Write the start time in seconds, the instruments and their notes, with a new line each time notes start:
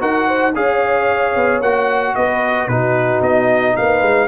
0.00 tuba D#4, trombone F#4, horn A#4, trumpet F#5
0.28 horn C5
0.55 tuba C#4, trombone G#4, horn C#5, trumpet F5
1.36 tuba B3
1.61 tuba A#3, trombone F#4, trumpet F#5
2.15 tuba B3, horn B4, trumpet D#5
2.68 tuba B2, trombone D#4, horn F#4, trumpet B4
3.22 tuba B3, trumpet D#5
3.77 tuba A#3, horn B4, trumpet F5
4.02 tuba G#3